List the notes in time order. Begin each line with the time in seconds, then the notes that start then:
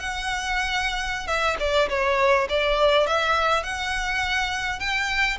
0.00 F#5
1.28 E5
1.60 D5
1.90 C#5
2.50 D5
3.07 E5
3.64 F#5
4.80 G5